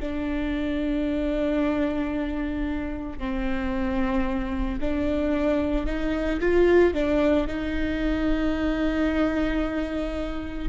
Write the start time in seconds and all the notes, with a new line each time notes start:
0.00 D4
3.19 C4
4.81 D4
5.87 D#4
6.40 F4
6.94 D4
7.48 D#4